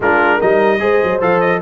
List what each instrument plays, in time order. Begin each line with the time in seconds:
0.00 tuba G#3, trombone D4, horn F4, trumpet A#4
0.37 tuba G3, trombone D#4, horn A#4, trumpet D#5
0.79 tuba G#3, trombone G#4, horn C5
1.03 tuba F#3
1.21 tuba F3, trombone A4, trumpet F5
1.40 trumpet D#5